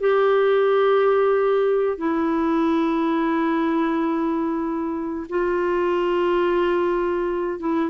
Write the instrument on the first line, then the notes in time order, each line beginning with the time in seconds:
clarinet
0.00 G4
1.98 E4
5.29 F4
7.60 E4